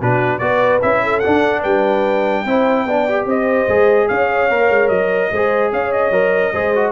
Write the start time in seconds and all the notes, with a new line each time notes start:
0.00 B2 D4 F#4 B4
0.39 B3 F#4 B4 D5
0.82 C#4 E4 E5
1.03 A4
1.20 D4 F#5
1.27 D4
1.60 G3 B4 G5
2.45 C4 E4 C5
2.86 B3 D4 D5
3.09 G4
3.26 C4 C5 D#5
3.68 G#3 G#4
4.08 C#4 C#5 F5
4.50 A#3 A#4
4.70 G#3
4.89 F#3 D#5
5.31 G#3 G#4 C5
5.72 C#4 C#5 F5
5.92 D#5
6.11 F#3 A#4
6.52 G#3 G#4 C5
6.75 F#4